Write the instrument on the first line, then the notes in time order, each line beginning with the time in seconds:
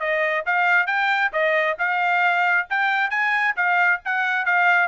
trumpet
0.00 D#5
0.46 F5
0.87 G5
1.33 D#5
1.79 F5
2.70 G5
3.11 G#5
3.57 F5
4.05 F#5
4.46 F5